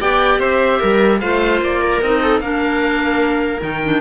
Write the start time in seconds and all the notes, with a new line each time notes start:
0.00 B3 G4 D5 G5
0.39 C4 C5 E5
0.79 G3 A#4
1.20 A3 F4 C5 F5
1.61 A#3 D5
1.81 A#4
2.02 C4 D#4 D#5
2.22 A4
2.40 A#3 D4 A#4 F5
3.59 D#3 D#4 G5
3.84 D4